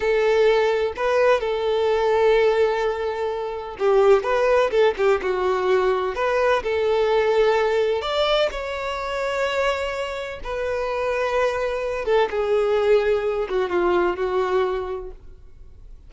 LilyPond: \new Staff \with { instrumentName = "violin" } { \time 4/4 \tempo 4 = 127 a'2 b'4 a'4~ | a'1 | g'4 b'4 a'8 g'8 fis'4~ | fis'4 b'4 a'2~ |
a'4 d''4 cis''2~ | cis''2 b'2~ | b'4. a'8 gis'2~ | gis'8 fis'8 f'4 fis'2 | }